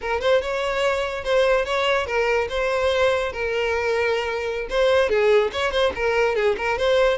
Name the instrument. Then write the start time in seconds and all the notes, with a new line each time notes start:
violin
0.01 A#4
0.20 C5
0.41 C#5
1.23 C5
1.65 C#5
2.06 A#4
2.49 C5
3.32 A#4
4.69 C5
5.09 G#4
5.52 C#5
5.71 C5
5.95 A#4
6.35 G#4
6.57 A#4
6.78 C5